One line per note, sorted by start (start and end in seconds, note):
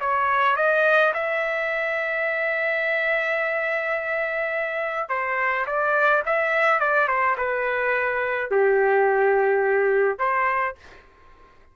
0.00 0.56 C#5
0.56 1.13 D#5
1.14 5.09 E5
5.09 5.66 C5
5.66 6.23 D5
6.25 6.80 E5
6.80 7.08 D5
7.08 7.36 C5
7.37 8.50 B4
8.51 10.18 G4
10.18 10.75 C5